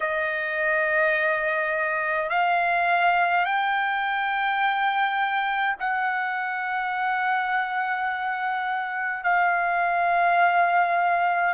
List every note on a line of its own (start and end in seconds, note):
0.00 2.29 D#5
2.29 3.45 F5
3.45 5.75 G5
5.79 9.23 F#5
9.23 11.54 F5